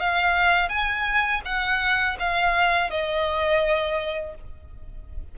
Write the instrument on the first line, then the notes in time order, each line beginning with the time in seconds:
violin
0.00 F5
0.69 G#5
1.45 F#5
2.19 F5
2.90 D#5